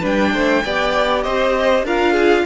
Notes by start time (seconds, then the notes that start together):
0.00 G3 D4 B4 G5
0.33 A3 C5
0.65 B3 G4 D5
1.23 C4 C5 D#5
1.83 D4 F4 A#4 F5
2.13 G#4